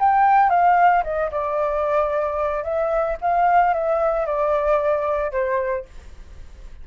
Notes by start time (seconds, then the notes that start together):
0.00 G5
0.50 F5
1.03 D#5
1.31 D5
2.64 E5
3.21 F5
3.74 E5
4.26 D5
5.32 C5